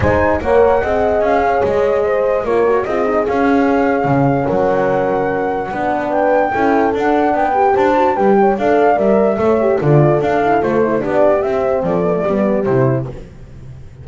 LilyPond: <<
  \new Staff \with { instrumentName = "flute" } { \time 4/4 \tempo 4 = 147 gis''4 fis''2 f''4 | dis''2 cis''4 dis''4 | f''2. fis''4~ | fis''2. g''4~ |
g''4 fis''4 g''4 a''4 | g''4 f''4 e''2 | d''4 f''4 c''4 d''4 | e''4 d''2 c''4 | }
  \new Staff \with { instrumentName = "horn" } { \time 4/4 c''4 cis''4 dis''4. cis''8~ | cis''4 c''4 ais'4 gis'4~ | gis'2. ais'4~ | ais'2 b'2 |
a'2 b'4 c''4 | b'8 cis''8 d''2 cis''4 | a'2. g'4~ | g'4 a'4 g'2 | }
  \new Staff \with { instrumentName = "horn" } { \time 4/4 dis'4 ais'4 gis'2~ | gis'2 f'8 fis'8 f'8 dis'8 | cis'1~ | cis'2 d'2 |
e'4 d'4. g'4 fis'8 | g'4 a'4 ais'4 a'8 g'8 | f'4 d'8 e'8 f'8 e'8 d'4 | c'4. b16 a16 b4 e'4 | }
  \new Staff \with { instrumentName = "double bass" } { \time 4/4 gis4 ais4 c'4 cis'4 | gis2 ais4 c'4 | cis'2 cis4 fis4~ | fis2 b2 |
cis'4 d'4 b4 d'4 | g4 d'4 g4 a4 | d4 d'4 a4 b4 | c'4 f4 g4 c4 | }
>>